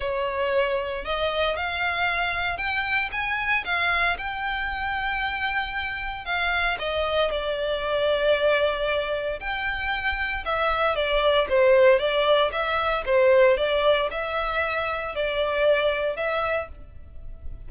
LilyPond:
\new Staff \with { instrumentName = "violin" } { \time 4/4 \tempo 4 = 115 cis''2 dis''4 f''4~ | f''4 g''4 gis''4 f''4 | g''1 | f''4 dis''4 d''2~ |
d''2 g''2 | e''4 d''4 c''4 d''4 | e''4 c''4 d''4 e''4~ | e''4 d''2 e''4 | }